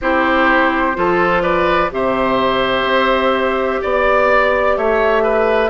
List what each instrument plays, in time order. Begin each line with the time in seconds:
0.01 bassoon C4, clarinet E4, oboe G4, flute C5
0.94 bassoon F3, clarinet F4, oboe A4
1.42 oboe B4, flute D5
1.90 bassoon C3, clarinet G4, oboe C5, flute E5
2.84 bassoon C4
3.81 bassoon B3, oboe D5, flute D5
4.77 bassoon A3, oboe C#5, flute E5
5.23 oboe B4